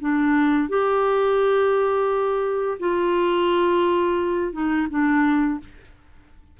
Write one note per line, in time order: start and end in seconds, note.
0.00 0.69 D4
0.69 2.78 G4
2.79 4.53 F4
4.53 4.87 D#4
4.90 5.60 D4